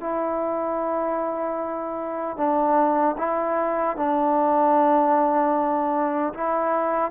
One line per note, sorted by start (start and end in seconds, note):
0.00 2.37 E4
2.37 3.16 D4
3.18 3.97 E4
3.97 6.33 D4
6.34 7.11 E4